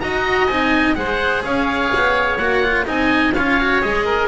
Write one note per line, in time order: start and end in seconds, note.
0.00 0.48 D#4
0.00 0.49 F#4
0.00 0.97 D#5
0.00 0.47 A#5
0.47 0.96 C4
0.47 0.95 D#4
0.47 0.95 G#5
0.95 1.44 G#3
0.95 2.38 G#4
0.95 1.44 C5
0.95 1.43 F#5
1.44 1.91 C#4
1.44 2.86 C#5
1.44 2.38 F5
1.95 2.38 B3
2.38 2.86 A#3
2.38 2.63 F#4
2.38 2.85 F#5
2.63 2.85 F4
2.85 3.35 C4
2.85 3.33 D#4
2.85 3.34 D#5
2.85 3.34 G#5
3.34 3.83 C#4
3.34 3.61 F4
3.34 4.05 C#5
3.34 3.82 F5
3.61 3.82 F#4
3.82 4.28 G#3
3.82 4.28 G#4
3.82 4.28 D#5
4.05 4.28 A#4